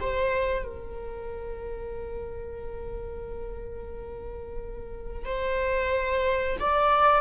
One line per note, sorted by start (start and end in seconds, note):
0.00 0.64 C5
0.64 5.25 A#4
5.25 6.57 C5
6.60 7.21 D5